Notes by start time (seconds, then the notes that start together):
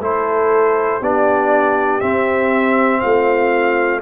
0.00 A3 E4 A4 C5
1.00 B3 D4 G4 D5
2.00 C4 E5
3.01 A3 F4 F5